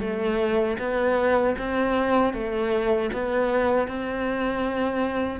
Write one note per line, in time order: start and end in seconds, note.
0.00 0.77 A3
0.78 1.55 B3
1.58 2.33 C4
2.33 3.10 A3
3.13 3.87 B3
3.87 5.40 C4